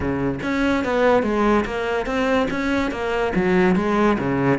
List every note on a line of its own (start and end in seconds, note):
0.00 0.39 C#3
0.43 0.84 C#4
0.84 1.23 B3
1.23 1.64 G#3
1.65 2.06 A#3
2.06 2.47 C4
2.50 2.91 C#4
2.91 3.32 A#3
3.35 3.75 F#3
3.75 4.17 G#3
4.18 4.58 C#3